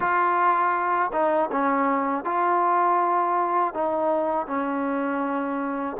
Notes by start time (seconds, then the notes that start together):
0.00 F4
1.12 D#4
1.51 C#4
2.24 F4
3.73 D#4
4.46 C#4